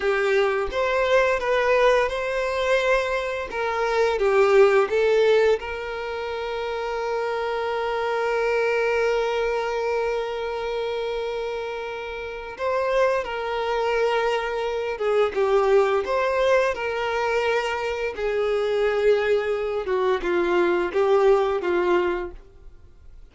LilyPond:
\new Staff \with { instrumentName = "violin" } { \time 4/4 \tempo 4 = 86 g'4 c''4 b'4 c''4~ | c''4 ais'4 g'4 a'4 | ais'1~ | ais'1~ |
ais'2 c''4 ais'4~ | ais'4. gis'8 g'4 c''4 | ais'2 gis'2~ | gis'8 fis'8 f'4 g'4 f'4 | }